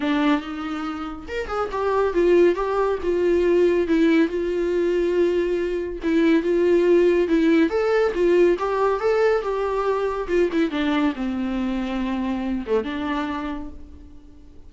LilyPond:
\new Staff \with { instrumentName = "viola" } { \time 4/4 \tempo 4 = 140 d'4 dis'2 ais'8 gis'8 | g'4 f'4 g'4 f'4~ | f'4 e'4 f'2~ | f'2 e'4 f'4~ |
f'4 e'4 a'4 f'4 | g'4 a'4 g'2 | f'8 e'8 d'4 c'2~ | c'4. a8 d'2 | }